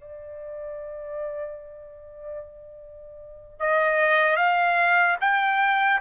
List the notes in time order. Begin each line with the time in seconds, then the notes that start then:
0.00 D5
3.59 D#5
4.36 F5
5.20 G5